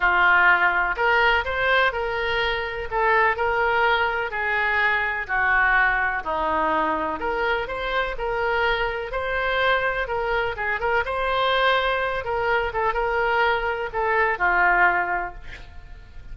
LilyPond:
\new Staff \with { instrumentName = "oboe" } { \time 4/4 \tempo 4 = 125 f'2 ais'4 c''4 | ais'2 a'4 ais'4~ | ais'4 gis'2 fis'4~ | fis'4 dis'2 ais'4 |
c''4 ais'2 c''4~ | c''4 ais'4 gis'8 ais'8 c''4~ | c''4. ais'4 a'8 ais'4~ | ais'4 a'4 f'2 | }